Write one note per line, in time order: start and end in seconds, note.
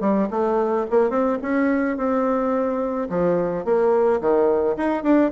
0.00 0.28 G3
0.30 0.86 A3
0.90 1.10 A#3
1.10 1.37 C4
1.41 1.97 C#4
1.97 3.08 C4
3.09 3.64 F3
3.64 4.20 A#3
4.20 4.76 D#3
4.77 5.03 D#4
5.03 5.31 D4